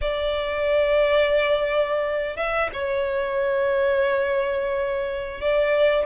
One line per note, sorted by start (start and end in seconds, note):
0.01 2.36 D5
2.36 2.70 E5
2.73 5.41 C#5
5.41 6.06 D5